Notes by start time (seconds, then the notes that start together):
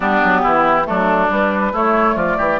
0.00 G3 B3 D4 G4
0.23 F#3
0.42 E3 E4
0.84 F#3 A3 D4 A4
1.29 G3 B4
1.71 A3 E4 C#5
2.15 F3 F4 D5
2.37 E3 G4